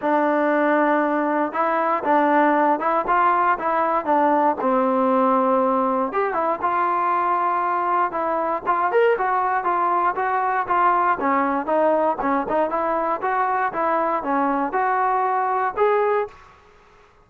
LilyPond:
\new Staff \with { instrumentName = "trombone" } { \time 4/4 \tempo 4 = 118 d'2. e'4 | d'4. e'8 f'4 e'4 | d'4 c'2. | g'8 e'8 f'2. |
e'4 f'8 ais'8 fis'4 f'4 | fis'4 f'4 cis'4 dis'4 | cis'8 dis'8 e'4 fis'4 e'4 | cis'4 fis'2 gis'4 | }